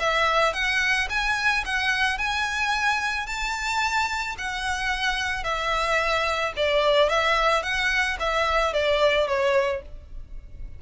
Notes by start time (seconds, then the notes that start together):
0.00 E5
0.54 F#5
1.10 G#5
1.66 F#5
2.19 G#5
3.27 A5
4.38 F#5
5.44 E5
6.57 D5
7.10 E5
7.63 F#5
8.20 E5
8.73 D5
9.28 C#5